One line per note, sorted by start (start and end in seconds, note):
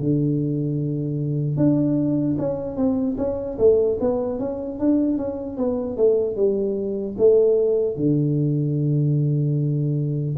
0.00 1.57 D3
1.57 2.37 D4
2.39 2.77 C#4
2.77 3.17 C4
3.18 3.58 C#4
3.59 3.99 A3
4.01 4.40 B3
4.40 4.80 C#4
4.80 5.18 D4
5.18 5.57 C#4
5.57 5.97 B3
5.97 6.37 A3
6.37 7.17 G3
7.19 7.96 A3
7.96 10.36 D3